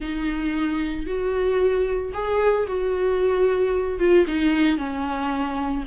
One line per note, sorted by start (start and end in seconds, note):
0.00 1.06 D#4
1.06 2.12 F#4
2.13 2.66 G#4
2.67 3.99 F#4
3.99 4.25 F4
4.27 4.77 D#4
4.77 5.83 C#4